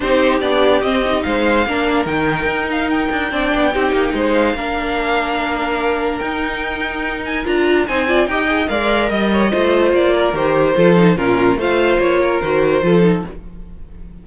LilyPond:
<<
  \new Staff \with { instrumentName = "violin" } { \time 4/4 \tempo 4 = 145 c''4 d''4 dis''4 f''4~ | f''4 g''4. f''8 g''4~ | g''2~ g''8 f''4.~ | f''2. g''4~ |
g''4. gis''8 ais''4 gis''4 | g''4 f''4 dis''2 | d''4 c''2 ais'4 | f''4 cis''4 c''2 | }
  \new Staff \with { instrumentName = "violin" } { \time 4/4 g'2. c''4 | ais'1 | d''4 g'4 c''4 ais'4~ | ais'1~ |
ais'2. c''8 d''8 | dis''4 d''4 dis''8 cis''8 c''4~ | c''8 ais'4. a'4 f'4 | c''4. ais'4. a'4 | }
  \new Staff \with { instrumentName = "viola" } { \time 4/4 dis'4 d'4 c'8 dis'4. | d'4 dis'2. | d'4 dis'2 d'4~ | d'2. dis'4~ |
dis'2 f'4 dis'8 f'8 | g'8 gis'8 ais'2 f'4~ | f'4 g'4 f'8 dis'8 cis'4 | f'2 fis'4 f'8 dis'8 | }
  \new Staff \with { instrumentName = "cello" } { \time 4/4 c'4 b4 c'4 gis4 | ais4 dis4 dis'4. d'8 | c'8 b8 c'8 ais8 gis4 ais4~ | ais2. dis'4~ |
dis'2 d'4 c'4 | dis'4 gis4 g4 a4 | ais4 dis4 f4 ais,4 | a4 ais4 dis4 f4 | }
>>